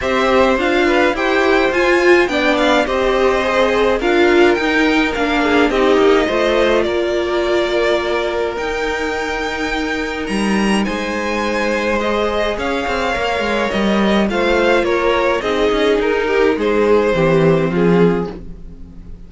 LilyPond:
<<
  \new Staff \with { instrumentName = "violin" } { \time 4/4 \tempo 4 = 105 e''4 f''4 g''4 gis''4 | g''8 f''8 dis''2 f''4 | g''4 f''4 dis''2 | d''2. g''4~ |
g''2 ais''4 gis''4~ | gis''4 dis''4 f''2 | dis''4 f''4 cis''4 dis''4 | ais'4 c''2 gis'4 | }
  \new Staff \with { instrumentName = "violin" } { \time 4/4 c''4. b'8 c''2 | d''4 c''2 ais'4~ | ais'4. gis'8 g'4 c''4 | ais'1~ |
ais'2. c''4~ | c''2 cis''2~ | cis''4 c''4 ais'4 gis'4~ | gis'8 g'8 gis'4 g'4 f'4 | }
  \new Staff \with { instrumentName = "viola" } { \time 4/4 g'4 f'4 g'4 f'4 | d'4 g'4 gis'4 f'4 | dis'4 d'4 dis'4 f'4~ | f'2. dis'4~ |
dis'1~ | dis'4 gis'2 ais'4~ | ais'4 f'2 dis'4~ | dis'2 c'2 | }
  \new Staff \with { instrumentName = "cello" } { \time 4/4 c'4 d'4 e'4 f'4 | b4 c'2 d'4 | dis'4 ais4 c'8 ais8 a4 | ais2. dis'4~ |
dis'2 g4 gis4~ | gis2 cis'8 c'8 ais8 gis8 | g4 a4 ais4 c'8 cis'8 | dis'4 gis4 e4 f4 | }
>>